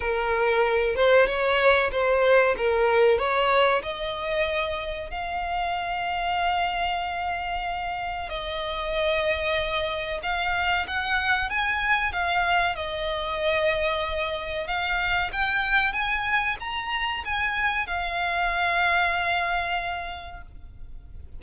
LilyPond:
\new Staff \with { instrumentName = "violin" } { \time 4/4 \tempo 4 = 94 ais'4. c''8 cis''4 c''4 | ais'4 cis''4 dis''2 | f''1~ | f''4 dis''2. |
f''4 fis''4 gis''4 f''4 | dis''2. f''4 | g''4 gis''4 ais''4 gis''4 | f''1 | }